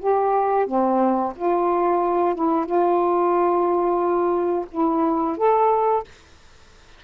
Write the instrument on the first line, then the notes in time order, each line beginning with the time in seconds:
saxophone
0.00 G4
0.67 C4
1.36 F4
2.35 E4
2.66 F4
4.71 E4
5.37 A4